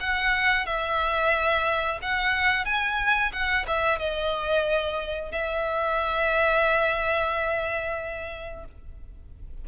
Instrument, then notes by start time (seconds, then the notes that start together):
violin
0.00 F#5
0.66 E5
2.02 F#5
2.65 G#5
3.32 F#5
3.67 E5
3.99 D#5
5.32 E5